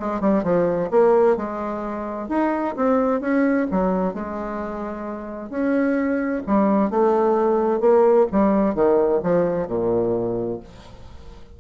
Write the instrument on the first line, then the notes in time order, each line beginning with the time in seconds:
bassoon
0.00 G#3
0.21 G3
0.43 F3
0.91 A#3
1.37 G#3
2.29 D#4
2.76 C4
3.21 C#4
3.71 F#3
4.14 G#3
5.50 C#4
6.47 G3
6.90 A3
7.80 A#3
8.32 G3
8.75 D#3
9.23 F3
9.68 A#2